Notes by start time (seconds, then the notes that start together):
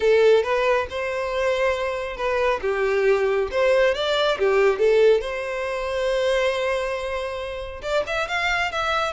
0.00 A4
0.43 B4
0.90 C5
2.16 B4
2.61 G4
3.51 C5
3.94 D5
4.38 G4
4.78 A4
5.20 C5
7.82 D5
8.07 E5
8.28 F5
8.71 E5